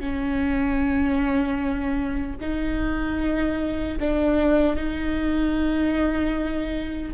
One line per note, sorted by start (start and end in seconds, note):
0.00 2.37 C#4
2.41 3.99 D#4
4.00 4.76 D4
4.76 7.13 D#4